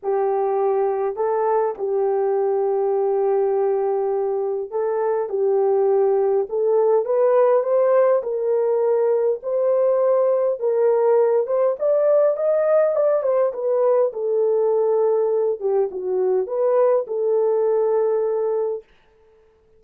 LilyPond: \new Staff \with { instrumentName = "horn" } { \time 4/4 \tempo 4 = 102 g'2 a'4 g'4~ | g'1 | a'4 g'2 a'4 | b'4 c''4 ais'2 |
c''2 ais'4. c''8 | d''4 dis''4 d''8 c''8 b'4 | a'2~ a'8 g'8 fis'4 | b'4 a'2. | }